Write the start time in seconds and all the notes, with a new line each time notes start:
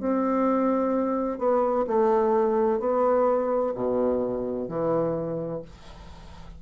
0.00 C4
1.38 B3
1.87 A3
2.80 B3
3.75 B2
4.68 E3